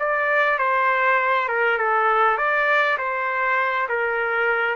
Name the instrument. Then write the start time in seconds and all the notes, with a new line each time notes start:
trumpet
0.00 D5
0.59 C5
1.49 A#4
1.78 A4
2.38 D5
2.98 C5
3.89 A#4